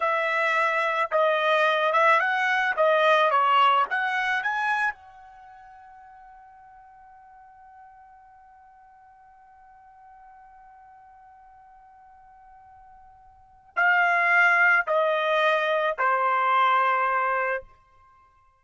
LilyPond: \new Staff \with { instrumentName = "trumpet" } { \time 4/4 \tempo 4 = 109 e''2 dis''4. e''8 | fis''4 dis''4 cis''4 fis''4 | gis''4 fis''2.~ | fis''1~ |
fis''1~ | fis''1~ | fis''4 f''2 dis''4~ | dis''4 c''2. | }